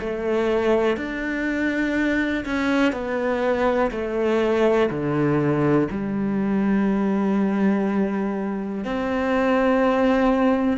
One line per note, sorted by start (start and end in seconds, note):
0.00 0.97 A3
0.97 2.44 D4
2.45 2.92 C#4
2.92 3.91 B3
3.91 4.90 A3
4.90 5.88 D3
5.91 8.84 G3
8.84 10.77 C4